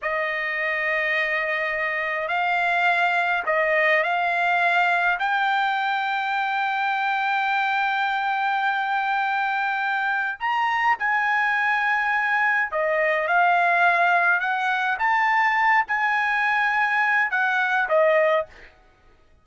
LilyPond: \new Staff \with { instrumentName = "trumpet" } { \time 4/4 \tempo 4 = 104 dis''1 | f''2 dis''4 f''4~ | f''4 g''2.~ | g''1~ |
g''2 ais''4 gis''4~ | gis''2 dis''4 f''4~ | f''4 fis''4 a''4. gis''8~ | gis''2 fis''4 dis''4 | }